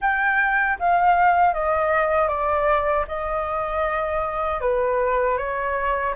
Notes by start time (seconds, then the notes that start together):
0.01 G5
0.79 F5
1.53 D#5
2.28 D5
3.07 D#5
4.60 B4
5.37 C#5